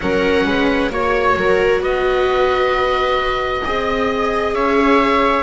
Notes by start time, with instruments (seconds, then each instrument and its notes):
0.00 double bass F#3, viola C#4 A#4, oboe F#5
0.44 double bass G#3, viola B4
0.90 double bass A#3, viola F#4 C#5, oboe C#5
1.35 double bass F#3, viola A#4
1.80 double bass B3, viola B4, oboe D#5
3.64 double bass C4, viola G#4 D#5
4.53 double bass C#4, viola C#5, oboe E5